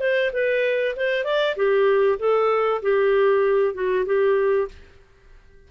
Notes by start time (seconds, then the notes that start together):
0.00 C5
0.33 B4
0.97 C5
1.25 D5
1.57 G4
2.20 A4
2.83 G4
3.75 F#4
4.06 G4